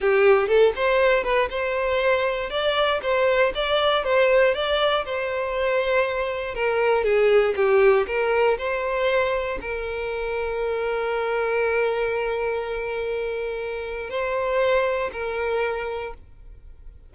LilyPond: \new Staff \with { instrumentName = "violin" } { \time 4/4 \tempo 4 = 119 g'4 a'8 c''4 b'8 c''4~ | c''4 d''4 c''4 d''4 | c''4 d''4 c''2~ | c''4 ais'4 gis'4 g'4 |
ais'4 c''2 ais'4~ | ais'1~ | ais'1 | c''2 ais'2 | }